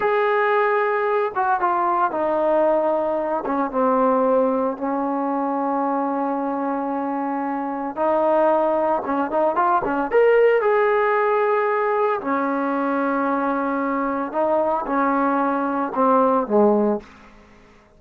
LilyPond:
\new Staff \with { instrumentName = "trombone" } { \time 4/4 \tempo 4 = 113 gis'2~ gis'8 fis'8 f'4 | dis'2~ dis'8 cis'8 c'4~ | c'4 cis'2.~ | cis'2. dis'4~ |
dis'4 cis'8 dis'8 f'8 cis'8 ais'4 | gis'2. cis'4~ | cis'2. dis'4 | cis'2 c'4 gis4 | }